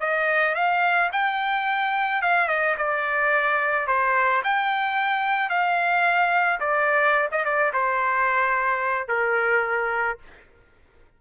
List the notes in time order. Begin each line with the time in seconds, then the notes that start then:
0.00 D#5
0.55 F5
1.13 G5
2.22 F5
2.48 D#5
2.77 D5
3.87 C5
4.44 G5
5.49 F5
6.60 D5
7.32 D#5
7.45 D5
7.73 C5
9.08 A#4